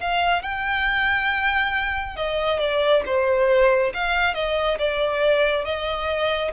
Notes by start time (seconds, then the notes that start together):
0.00 F5
0.42 G5
2.16 D#5
2.59 D5
3.06 C5
3.94 F5
4.34 D#5
4.79 D5
5.65 D#5